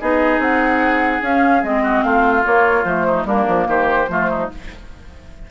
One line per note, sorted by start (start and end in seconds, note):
0.00 0.39 B3
0.00 1.23 D#4
0.00 1.84 G#4
0.00 0.41 D#5
0.39 1.21 C4
0.39 1.23 F#5
1.22 1.63 C#4
1.22 1.64 C#4
1.22 1.64 F5
1.64 2.04 G#3
1.64 2.44 C4
1.64 2.04 D#5
1.84 2.04 F#4
2.04 2.45 A3
2.04 3.07 F4
2.04 2.44 F5
2.44 2.85 A#3
2.44 2.85 C#5
2.85 3.25 F3
2.85 3.27 A3
2.85 3.26 C5
3.07 3.27 D#4
3.25 3.46 G3
3.25 4.09 A#3
3.25 3.68 D4
3.25 3.69 A#4
3.48 3.68 F3
3.68 4.08 D#3
3.68 4.10 G4
3.68 4.51 C5
4.09 4.49 F3
4.09 4.50 A3
4.09 4.30 F4
4.30 4.50 D#4